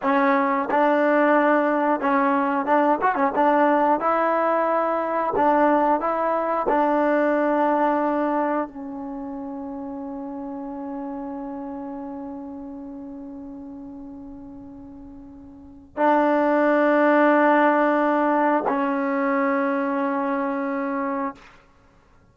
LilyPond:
\new Staff \with { instrumentName = "trombone" } { \time 4/4 \tempo 4 = 90 cis'4 d'2 cis'4 | d'8 fis'16 cis'16 d'4 e'2 | d'4 e'4 d'2~ | d'4 cis'2.~ |
cis'1~ | cis'1 | d'1 | cis'1 | }